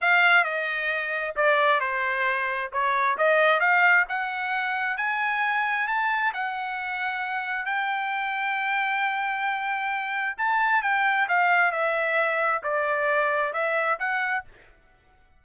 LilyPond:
\new Staff \with { instrumentName = "trumpet" } { \time 4/4 \tempo 4 = 133 f''4 dis''2 d''4 | c''2 cis''4 dis''4 | f''4 fis''2 gis''4~ | gis''4 a''4 fis''2~ |
fis''4 g''2.~ | g''2. a''4 | g''4 f''4 e''2 | d''2 e''4 fis''4 | }